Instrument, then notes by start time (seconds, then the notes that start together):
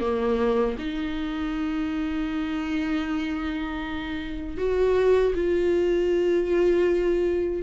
viola
0.00 A#3
0.79 D#4
4.57 F#4
5.34 F4